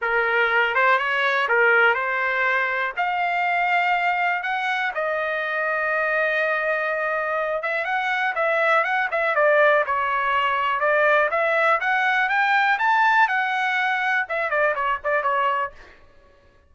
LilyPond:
\new Staff \with { instrumentName = "trumpet" } { \time 4/4 \tempo 4 = 122 ais'4. c''8 cis''4 ais'4 | c''2 f''2~ | f''4 fis''4 dis''2~ | dis''2.~ dis''8 e''8 |
fis''4 e''4 fis''8 e''8 d''4 | cis''2 d''4 e''4 | fis''4 g''4 a''4 fis''4~ | fis''4 e''8 d''8 cis''8 d''8 cis''4 | }